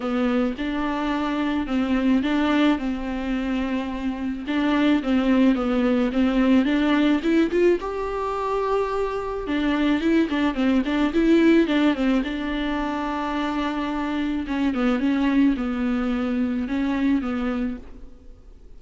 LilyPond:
\new Staff \with { instrumentName = "viola" } { \time 4/4 \tempo 4 = 108 b4 d'2 c'4 | d'4 c'2. | d'4 c'4 b4 c'4 | d'4 e'8 f'8 g'2~ |
g'4 d'4 e'8 d'8 c'8 d'8 | e'4 d'8 c'8 d'2~ | d'2 cis'8 b8 cis'4 | b2 cis'4 b4 | }